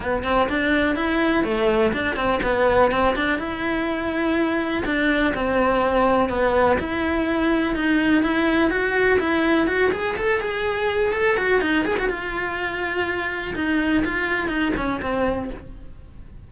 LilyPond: \new Staff \with { instrumentName = "cello" } { \time 4/4 \tempo 4 = 124 b8 c'8 d'4 e'4 a4 | d'8 c'8 b4 c'8 d'8 e'4~ | e'2 d'4 c'4~ | c'4 b4 e'2 |
dis'4 e'4 fis'4 e'4 | fis'8 gis'8 a'8 gis'4. a'8 fis'8 | dis'8 gis'16 fis'16 f'2. | dis'4 f'4 dis'8 cis'8 c'4 | }